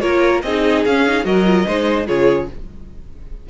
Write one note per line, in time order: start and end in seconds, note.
0.00 0.43 A#3
0.00 0.42 F4
0.00 0.42 A#4
0.00 0.41 C#5
0.42 0.84 C4
0.42 0.87 D#4
0.42 1.26 G#4
0.42 0.83 D#5
0.85 1.24 C#4
0.85 1.07 C#4
0.85 1.25 F5
1.07 1.23 D#4
1.23 1.65 F#3
1.23 1.44 F#4
1.23 1.67 A#4
1.23 2.07 D#5
1.46 1.66 F4
1.67 2.08 G#3
1.67 2.07 D#4
1.67 2.07 C5
2.07 2.49 C#3
2.07 2.48 F4
2.07 2.48 G#4
2.07 2.48 C#5